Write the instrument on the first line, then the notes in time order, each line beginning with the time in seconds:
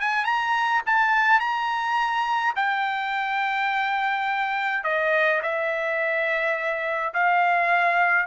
trumpet
0.00 G#5
0.25 A#5
0.86 A5
1.39 A#5
2.56 G5
4.84 D#5
5.42 E5
7.14 F5